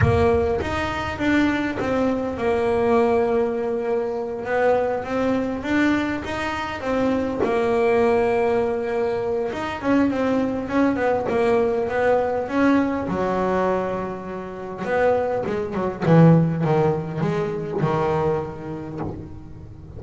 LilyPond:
\new Staff \with { instrumentName = "double bass" } { \time 4/4 \tempo 4 = 101 ais4 dis'4 d'4 c'4 | ais2.~ ais8 b8~ | b8 c'4 d'4 dis'4 c'8~ | c'8 ais2.~ ais8 |
dis'8 cis'8 c'4 cis'8 b8 ais4 | b4 cis'4 fis2~ | fis4 b4 gis8 fis8 e4 | dis4 gis4 dis2 | }